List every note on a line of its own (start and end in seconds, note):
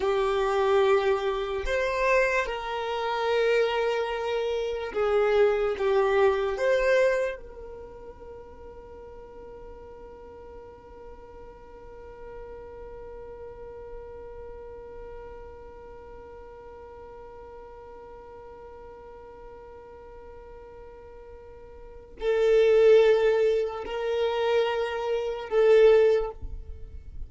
0.00 1.64 G4
1.65 2.46 C5
2.46 4.92 A#4
4.93 5.75 G#4
5.78 6.57 G4
6.57 7.36 C5
7.36 22.16 A#4
22.20 23.84 A4
23.85 25.49 A#4
25.49 26.31 A4